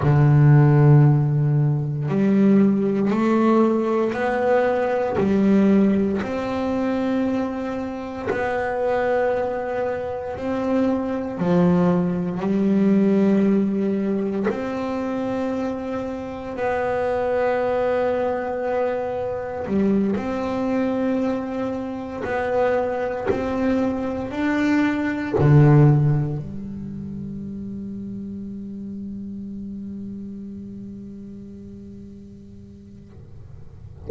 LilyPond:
\new Staff \with { instrumentName = "double bass" } { \time 4/4 \tempo 4 = 58 d2 g4 a4 | b4 g4 c'2 | b2 c'4 f4 | g2 c'2 |
b2. g8 c'8~ | c'4. b4 c'4 d'8~ | d'8 d4 g2~ g8~ | g1 | }